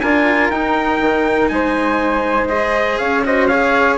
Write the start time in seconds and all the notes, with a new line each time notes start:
0.00 D4 F4 A#4 G#5
0.49 D#4 G5
1.01 D#3
1.48 G#3 C5 G#5
2.48 G#4 D#5
2.98 C#4 C#5 F5
3.24 F#4 C5 D#5
3.47 G#4 C#5 F5